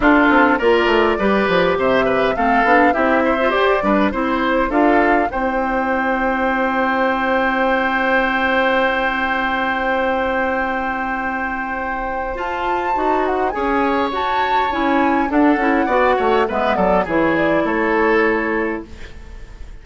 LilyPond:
<<
  \new Staff \with { instrumentName = "flute" } { \time 4/4 \tempo 4 = 102 a'4 d''2 e''4 | f''4 e''4 d''4 c''4 | f''4 g''2.~ | g''1~ |
g''1~ | g''4 a''4. fis''8 gis''4 | a''4 gis''4 fis''2 | e''8 d''8 cis''8 d''8 cis''2 | }
  \new Staff \with { instrumentName = "oboe" } { \time 4/4 f'4 ais'4 b'4 c''8 b'8 | a'4 g'8 c''4 b'8 c''4 | a'4 c''2.~ | c''1~ |
c''1~ | c''2. cis''4~ | cis''2 a'4 d''8 cis''8 | b'8 a'8 gis'4 a'2 | }
  \new Staff \with { instrumentName = "clarinet" } { \time 4/4 d'4 f'4 g'2 | c'8 d'8 e'8. f'16 g'8 d'8 e'4 | f'4 e'2.~ | e'1~ |
e'1~ | e'4 f'4 fis'4 gis'4 | fis'4 e'4 d'8 e'8 fis'4 | b4 e'2. | }
  \new Staff \with { instrumentName = "bassoon" } { \time 4/4 d'8 c'8 ais8 a8 g8 f8 c4 | a8 b8 c'4 g'8 g8 c'4 | d'4 c'2.~ | c'1~ |
c'1~ | c'4 f'4 dis'4 cis'4 | fis'4 cis'4 d'8 cis'8 b8 a8 | gis8 fis8 e4 a2 | }
>>